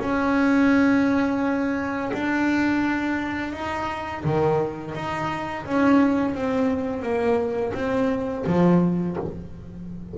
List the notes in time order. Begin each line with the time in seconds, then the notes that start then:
0.00 C#4
2.13 D4
3.53 D#4
4.24 D#3
4.95 D#4
5.66 C#4
6.35 C4
7.03 A#3
7.74 C4
8.46 F3